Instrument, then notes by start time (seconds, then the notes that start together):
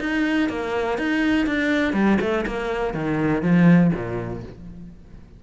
cello
0.00 D#4
0.49 A#3
0.98 D#4
1.47 D4
1.93 G3
2.21 A3
2.47 A#3
2.94 D#3
3.42 F3
3.94 A#2